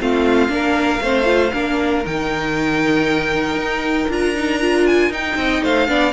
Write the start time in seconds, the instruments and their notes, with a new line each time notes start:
0.00 cello A3, viola C4, violin F4 F5
0.48 cello A#3, viola D4, violin A#4
1.00 cello A3, viola C4, violin C5
1.24 viola F4
1.52 cello A#3, viola D4, violin A#4
2.04 cello D#3, viola D#4, violin G5
3.56 cello D#4
4.08 cello D4, viola F4, violin A#5
4.35 viola D#4
4.61 viola F4
4.86 violin G#5
5.09 cello D#4, viola D#4, violin G5
5.36 cello C4, violin D#5
5.63 cello A3, violin C5 F5
5.87 cello B3, viola D4, violin D5